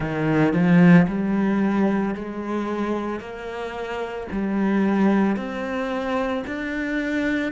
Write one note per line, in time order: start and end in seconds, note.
0.00 0.53 D#3
0.53 1.07 F3
1.07 2.14 G3
2.14 3.19 G#3
3.19 4.27 A#3
4.31 5.36 G3
5.36 6.43 C4
6.46 7.51 D4